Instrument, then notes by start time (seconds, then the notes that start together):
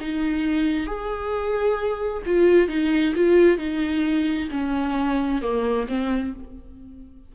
viola
0.00 D#4
0.86 G#4
2.26 F4
2.68 D#4
3.15 F4
3.58 D#4
4.51 C#4
5.42 A#3
5.88 C4